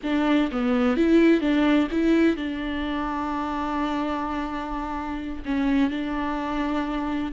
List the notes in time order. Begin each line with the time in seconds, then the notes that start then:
0.03 D4
0.51 B3
0.96 E4
1.40 D4
1.91 E4
2.36 D4
5.45 C#4
5.90 D4